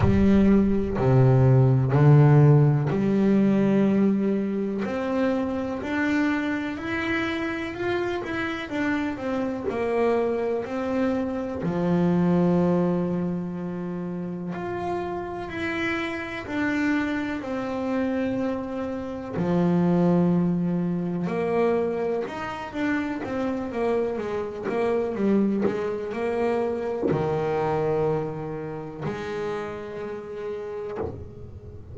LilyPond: \new Staff \with { instrumentName = "double bass" } { \time 4/4 \tempo 4 = 62 g4 c4 d4 g4~ | g4 c'4 d'4 e'4 | f'8 e'8 d'8 c'8 ais4 c'4 | f2. f'4 |
e'4 d'4 c'2 | f2 ais4 dis'8 d'8 | c'8 ais8 gis8 ais8 g8 gis8 ais4 | dis2 gis2 | }